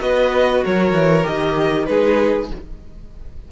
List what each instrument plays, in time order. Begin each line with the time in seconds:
0.00 cello B3, viola F#4, violin B4 D#5
0.64 cello F#3, violin A#4 C#5
0.94 cello E3
1.24 cello D#3, viola G4, violin D#5
1.86 cello G#3, viola D#4, violin G#4 B4